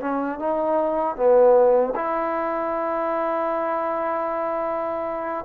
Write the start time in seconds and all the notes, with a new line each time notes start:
0.00 C#4
0.39 D#4
1.16 B3
1.95 E4